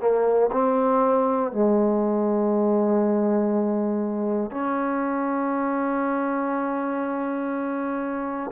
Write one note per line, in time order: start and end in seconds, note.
0.00 0.50 A#3
0.51 1.51 C4
1.51 4.50 G#3
4.50 8.50 C#4